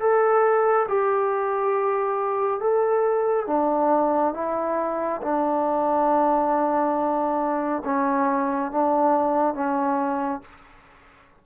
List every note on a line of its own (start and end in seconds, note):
0.00 0.87 A4
0.89 2.60 G4
2.60 3.47 A4
3.47 4.34 D4
4.34 5.21 E4
5.22 7.83 D4
7.85 8.72 C#4
8.72 9.55 D4
9.55 10.42 C#4